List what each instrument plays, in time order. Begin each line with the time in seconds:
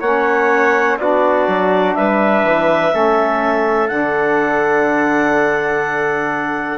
0.00 bassoon A#3, saxophone C#4, trumpet C#5, clarinet F#5
0.98 bassoon B3, saxophone D4, trumpet F#4, clarinet D5
1.47 bassoon F#3
1.94 bassoon G3, trumpet B4, clarinet E5
2.43 bassoon E3
2.91 bassoon A3, saxophone C#4, trumpet A4
3.88 bassoon D3, saxophone D4, clarinet F#5